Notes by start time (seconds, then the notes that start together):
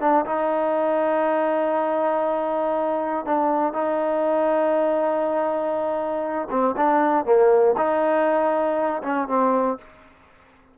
0.00 D4
0.25 D#4
3.25 D4
3.73 D#4
6.50 C4
6.77 D4
7.25 A#3
7.77 D#4
9.03 C#4
9.28 C4